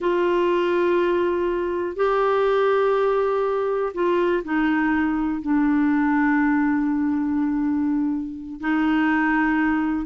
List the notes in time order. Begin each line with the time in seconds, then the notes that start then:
0.00 F4
1.96 G4
3.93 F4
4.44 D#4
5.41 D4
8.60 D#4